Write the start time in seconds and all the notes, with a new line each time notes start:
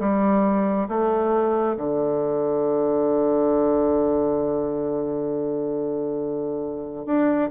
0.00 G3
0.89 A3
1.77 D3
7.07 D4